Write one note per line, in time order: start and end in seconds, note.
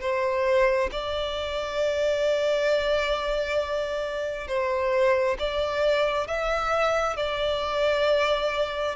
0.00 0.90 C5
0.91 4.47 D5
4.47 5.36 C5
5.38 6.27 D5
6.27 7.16 E5
7.16 8.95 D5